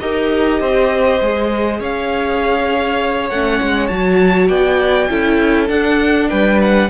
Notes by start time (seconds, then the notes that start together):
0.00 D#4 G4 A#4 D#5
0.60 C4 C5
1.21 G#3 G#4
1.79 C#4 C#5 F5
3.30 A3 C#4 F#5
3.61 G#3
3.87 F#3 F#4 A5
4.48 B3 D5 G5
5.10 C#4 E4 A4
5.69 D4 F#5
6.29 G3 B4 G5
6.62 F#5